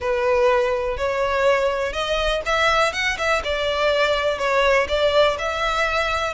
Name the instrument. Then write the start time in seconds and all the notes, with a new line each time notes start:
violin
0.00 B4
0.97 C#5
1.92 D#5
2.45 E5
2.93 F#5
3.18 E5
3.44 D5
4.38 C#5
4.88 D5
5.38 E5